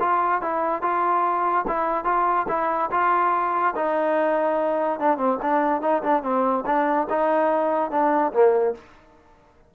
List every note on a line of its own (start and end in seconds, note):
0.00 0.41 F4
0.41 0.82 E4
0.82 1.65 F4
1.67 2.05 E4
2.05 2.46 F4
2.48 2.90 E4
2.91 3.74 F4
3.76 5.00 D#4
5.00 5.17 D4
5.17 5.38 C4
5.42 5.81 D4
5.81 6.02 D#4
6.03 6.23 D4
6.23 6.64 C4
6.66 7.08 D4
7.09 7.91 D#4
7.91 8.32 D4
8.33 8.75 A#3